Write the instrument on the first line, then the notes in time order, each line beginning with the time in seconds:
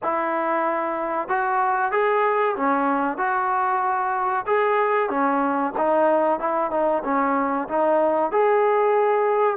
trombone
0.02 E4
1.28 F#4
1.91 G#4
2.55 C#4
3.17 F#4
4.46 G#4
5.09 C#4
5.77 D#4
6.39 E4
6.71 D#4
7.04 C#4
7.68 D#4
8.31 G#4